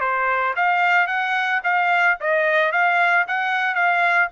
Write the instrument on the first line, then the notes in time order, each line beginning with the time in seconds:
trumpet
0.00 C5
0.56 F5
1.07 F#5
1.63 F5
2.20 D#5
2.71 F5
3.27 F#5
3.75 F5